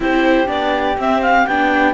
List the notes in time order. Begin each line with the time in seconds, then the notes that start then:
0.00 C4 E4 G4 C5
0.46 B3 D4 D5
0.97 C4 E5
1.22 F5
1.47 B3 D4 G5